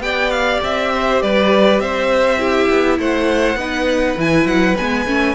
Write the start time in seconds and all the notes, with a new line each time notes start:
0.00 B3 G4 D5 G5
0.31 F5
0.63 C4 E5
0.94 C5
1.22 G3 B4 D5
1.80 C4 C5 E5
2.38 E4 G4
2.70 B3
2.99 A3 C5 F#5
3.56 B3 D#4 B4
4.17 E3 E4 G#5
4.46 F#3 F#5
4.77 G#3 B3 G#5
5.06 A3 C#4